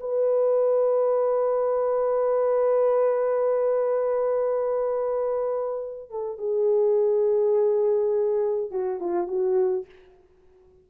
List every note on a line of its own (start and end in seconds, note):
0.00 6.10 B4
6.10 6.38 A4
6.38 8.71 G#4
8.71 9.00 F#4
9.00 9.27 F4
9.27 9.86 F#4